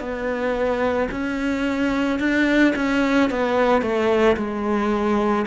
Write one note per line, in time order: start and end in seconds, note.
0.00 1.09 B3
1.11 2.20 C#4
2.20 2.74 D4
2.76 3.31 C#4
3.31 3.82 B3
3.82 4.37 A3
4.37 5.46 G#3